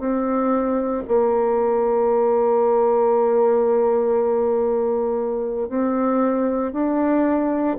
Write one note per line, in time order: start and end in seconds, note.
0.00 1.03 C4
1.08 5.69 A#3
5.69 6.72 C4
6.73 7.76 D4